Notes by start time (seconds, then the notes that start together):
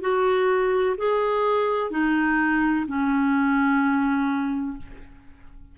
0.00 F#4
0.97 G#4
1.90 D#4
2.87 C#4